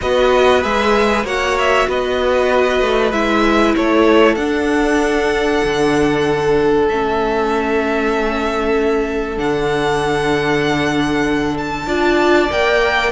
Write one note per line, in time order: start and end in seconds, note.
0.01 0.63 B3
0.01 0.61 F#4
0.01 1.25 B4
0.01 0.63 D#5
0.61 1.24 G#3
0.61 1.24 G#4
0.61 1.25 E5
1.24 1.86 A#3
1.24 3.12 F#4
1.24 1.87 C#5
1.24 1.58 F#5
1.58 1.89 E5
1.88 2.81 B3
1.88 3.76 B4
1.88 3.12 D#5
2.81 3.11 A3
3.11 3.74 G#3
3.11 4.38 E4
3.11 3.74 E5
3.76 4.35 A3
3.76 11.87 A4
3.76 4.35 C#5
4.35 5.60 D4
4.35 6.90 D4
4.35 6.85 F#5
5.63 6.88 D3
6.88 9.37 A3
6.88 9.36 C#4
6.88 9.38 E5
9.36 11.86 D3
9.36 11.86 D4
9.36 11.57 F#5
11.57 12.51 A5
11.86 12.49 D4
11.86 12.49 F4
11.86 13.12 D5
12.50 13.12 A#3
12.50 13.12 A#4
12.50 13.12 G5